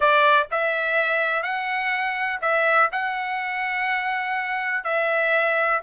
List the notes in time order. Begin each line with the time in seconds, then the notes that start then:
0.00 D5
0.51 E5
1.42 F#5
2.41 E5
2.92 F#5
4.84 E5